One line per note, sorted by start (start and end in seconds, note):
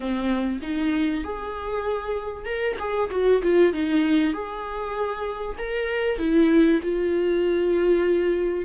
0.00 0.59 C4
0.62 1.24 D#4
1.24 2.45 G#4
2.45 2.76 A#4
2.79 3.10 G#4
3.11 3.42 F#4
3.42 3.73 F4
3.73 4.33 D#4
4.33 5.56 G#4
5.58 6.18 A#4
6.18 6.80 E4
6.82 8.65 F4